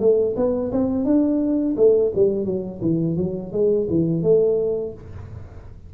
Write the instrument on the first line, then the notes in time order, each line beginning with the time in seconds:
tuba
0.00 A3
0.36 B3
0.72 C4
1.05 D4
1.77 A3
2.15 G3
2.45 F#3
2.82 E3
3.17 F#3
3.52 G#3
3.90 E3
4.23 A3